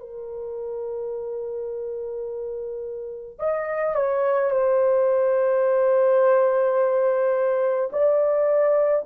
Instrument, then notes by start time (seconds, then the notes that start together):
horn
0.00 A#4
3.39 D#5
3.95 C#5
4.50 C5
7.92 D5